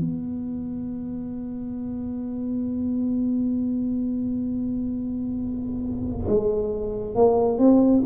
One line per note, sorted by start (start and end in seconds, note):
0.00 6.27 B3
6.27 7.15 G#3
7.15 7.58 A#3
7.58 8.03 C4